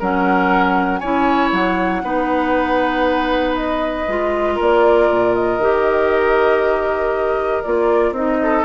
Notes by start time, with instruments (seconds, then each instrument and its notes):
0.00 bassoon F#3, clarinet C#4, oboe A#4, flute F#5
0.99 bassoon C#4, clarinet E4, oboe C#5, flute G#5
1.52 bassoon F#3, flute F#5
2.03 bassoon B3, clarinet D#4, oboe B4
3.56 flute D#5
4.08 bassoon G#3, clarinet F4
4.56 bassoon A#3, oboe A#4, flute D5
5.10 bassoon A#2
5.35 flute D#5
5.59 bassoon D#3, clarinet G4
7.63 bassoon A#3, clarinet F4, flute D5
8.12 bassoon C4, clarinet D#4, flute D#5
8.43 oboe A4